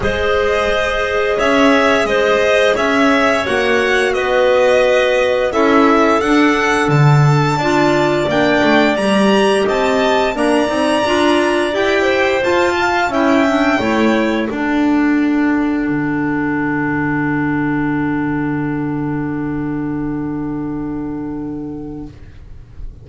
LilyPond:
<<
  \new Staff \with { instrumentName = "violin" } { \time 4/4 \tempo 4 = 87 dis''2 e''4 dis''4 | e''4 fis''4 dis''2 | e''4 fis''4 a''2 | g''4 ais''4 a''4 ais''4~ |
ais''4 g''4 a''4 g''4~ | g''4 fis''2.~ | fis''1~ | fis''1 | }
  \new Staff \with { instrumentName = "clarinet" } { \time 4/4 c''2 cis''4 c''4 | cis''2 b'2 | a'2. d''4~ | d''2 dis''4 d''4~ |
d''4. c''4 f''8 e''4 | cis''4 a'2.~ | a'1~ | a'1 | }
  \new Staff \with { instrumentName = "clarinet" } { \time 4/4 gis'1~ | gis'4 fis'2. | e'4 d'2 f'4 | d'4 g'2 d'8 dis'8 |
f'4 g'4 f'4 e'8 d'8 | e'4 d'2.~ | d'1~ | d'1 | }
  \new Staff \with { instrumentName = "double bass" } { \time 4/4 gis2 cis'4 gis4 | cis'4 ais4 b2 | cis'4 d'4 d4 d'4 | ais8 a8 g4 c'4 ais8 c'8 |
d'4 e'4 f'4 cis'4 | a4 d'2 d4~ | d1~ | d1 | }
>>